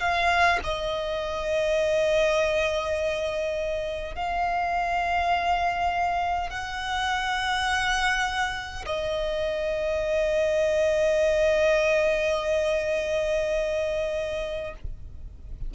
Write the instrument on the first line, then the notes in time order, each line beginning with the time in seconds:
violin
0.00 F5
0.63 D#5
4.15 F5
6.49 F#5
8.86 D#5